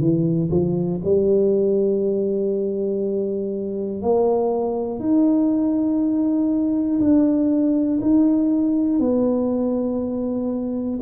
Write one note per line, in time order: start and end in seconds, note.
0.00 0.50 E3
0.51 1.01 F3
1.05 4.02 G3
4.02 5.00 A#3
5.00 7.00 D#4
7.00 8.00 D4
8.02 9.00 D#4
9.00 11.00 B3